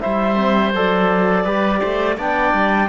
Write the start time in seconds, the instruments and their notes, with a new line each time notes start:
0.00 cello G3, trombone E4, oboe C5, clarinet E5
0.36 trombone C4
0.74 cello F#3, trombone A4, clarinet D5
1.44 cello G3, trombone G4, oboe B4
1.80 cello A3, oboe C5
2.18 cello B3, trombone D4, oboe D5, clarinet G5
2.54 cello G3